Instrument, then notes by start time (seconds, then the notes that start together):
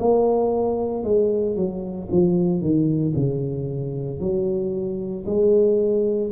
tuba
0.00 A#3
1.04 G#3
1.56 F#3
2.11 F3
2.61 D#3
3.16 C#3
4.21 F#3
5.26 G#3